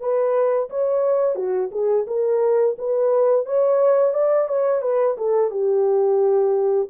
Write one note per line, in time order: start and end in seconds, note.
0.00 0.69 B4
0.70 1.35 C#5
1.35 1.70 F#4
1.71 2.06 G#4
2.07 2.76 A#4
2.78 3.45 B4
3.45 4.14 C#5
4.14 4.48 D5
4.48 4.82 C#5
4.82 5.16 B4
5.17 5.50 A4
5.50 6.88 G4